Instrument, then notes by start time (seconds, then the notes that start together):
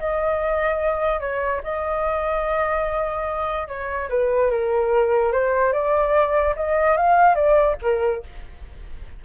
flute
0.00 D#5
1.20 C#5
1.64 D#5
3.68 C#5
4.10 B4
4.51 A#4
5.33 C5
5.73 D5
6.56 D#5
6.98 F5
7.35 D5
7.83 A#4